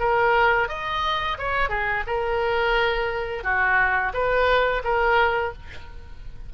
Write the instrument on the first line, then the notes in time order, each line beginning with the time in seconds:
oboe
0.00 A#4
0.69 D#5
1.39 C#5
1.70 G#4
2.07 A#4
3.44 F#4
4.14 B4
4.84 A#4